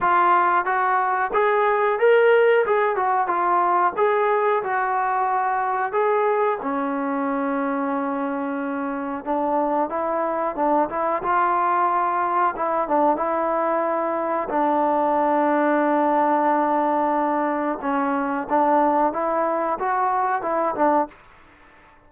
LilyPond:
\new Staff \with { instrumentName = "trombone" } { \time 4/4 \tempo 4 = 91 f'4 fis'4 gis'4 ais'4 | gis'8 fis'8 f'4 gis'4 fis'4~ | fis'4 gis'4 cis'2~ | cis'2 d'4 e'4 |
d'8 e'8 f'2 e'8 d'8 | e'2 d'2~ | d'2. cis'4 | d'4 e'4 fis'4 e'8 d'8 | }